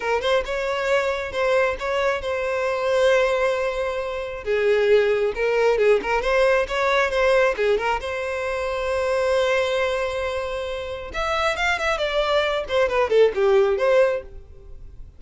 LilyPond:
\new Staff \with { instrumentName = "violin" } { \time 4/4 \tempo 4 = 135 ais'8 c''8 cis''2 c''4 | cis''4 c''2.~ | c''2 gis'2 | ais'4 gis'8 ais'8 c''4 cis''4 |
c''4 gis'8 ais'8 c''2~ | c''1~ | c''4 e''4 f''8 e''8 d''4~ | d''8 c''8 b'8 a'8 g'4 c''4 | }